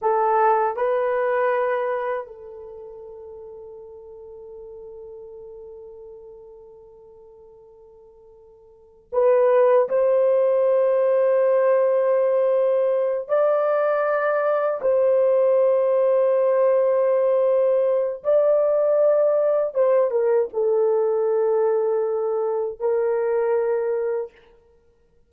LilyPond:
\new Staff \with { instrumentName = "horn" } { \time 4/4 \tempo 4 = 79 a'4 b'2 a'4~ | a'1~ | a'1 | b'4 c''2.~ |
c''4. d''2 c''8~ | c''1 | d''2 c''8 ais'8 a'4~ | a'2 ais'2 | }